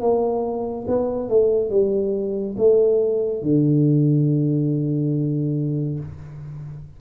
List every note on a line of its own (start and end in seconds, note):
0.00 0.86 A#3
0.87 1.29 B3
1.29 1.69 A3
1.69 2.55 G3
2.57 3.42 A3
3.42 5.99 D3